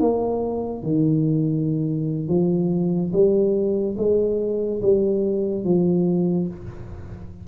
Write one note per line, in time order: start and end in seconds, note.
0.00 0.83 A#3
0.83 2.28 D#3
2.28 3.11 F3
3.12 3.96 G3
3.97 4.81 G#3
4.82 5.64 G3
5.64 6.48 F3